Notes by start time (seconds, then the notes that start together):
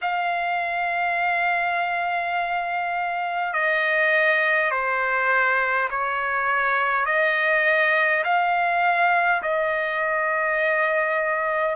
0.01 F5
3.53 D#5
4.71 C5
5.90 C#5
7.05 D#5
8.24 F5
9.42 D#5